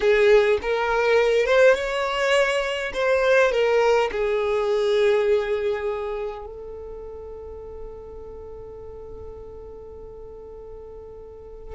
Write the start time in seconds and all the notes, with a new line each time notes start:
0.00 G#4
0.62 A#4
1.45 C5
1.75 C#5
2.93 C5
3.51 A#4
4.11 G#4
6.46 A4